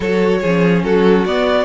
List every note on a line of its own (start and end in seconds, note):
0.00 0.42 F#3
0.00 0.44 F#4
0.00 0.39 A4
0.00 0.83 C#5
0.41 0.83 F3
0.41 1.26 C#4
0.41 0.83 G#4
0.83 1.25 F#3
0.83 1.65 F#4
0.83 1.25 A4
1.25 1.65 B3
1.25 1.65 D5